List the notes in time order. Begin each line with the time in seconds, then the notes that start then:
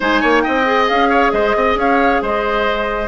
0.00 G#3 D#4 C5 G#5
0.20 A#3 C#5
0.41 D#5 G5
0.47 C4
0.65 G#4
0.88 C#4 F5
1.09 C#5
1.31 G#3 C5 D#5
1.55 C4 D#5
1.75 C#4 C#5 F5
2.22 G#3 C5 D#5